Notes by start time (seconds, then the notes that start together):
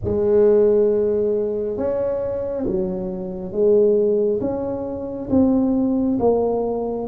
0.04 G#3
1.77 C#4
2.66 F#3
3.51 G#3
4.40 C#4
5.29 C4
6.19 A#3